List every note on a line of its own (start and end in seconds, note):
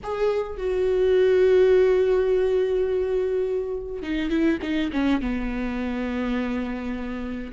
0.03 0.57 G#4
0.57 4.02 F#4
4.02 4.29 D#4
4.29 4.58 E4
4.62 4.90 D#4
4.92 5.21 C#4
5.21 7.52 B3